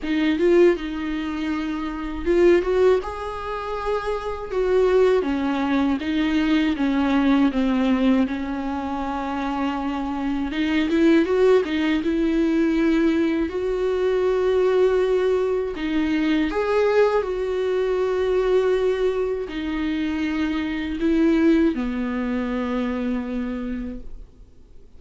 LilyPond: \new Staff \with { instrumentName = "viola" } { \time 4/4 \tempo 4 = 80 dis'8 f'8 dis'2 f'8 fis'8 | gis'2 fis'4 cis'4 | dis'4 cis'4 c'4 cis'4~ | cis'2 dis'8 e'8 fis'8 dis'8 |
e'2 fis'2~ | fis'4 dis'4 gis'4 fis'4~ | fis'2 dis'2 | e'4 b2. | }